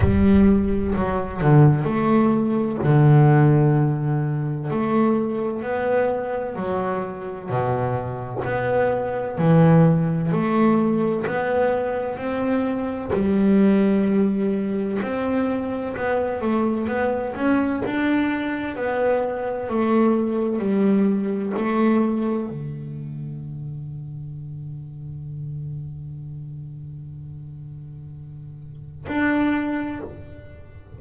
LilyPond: \new Staff \with { instrumentName = "double bass" } { \time 4/4 \tempo 4 = 64 g4 fis8 d8 a4 d4~ | d4 a4 b4 fis4 | b,4 b4 e4 a4 | b4 c'4 g2 |
c'4 b8 a8 b8 cis'8 d'4 | b4 a4 g4 a4 | d1~ | d2. d'4 | }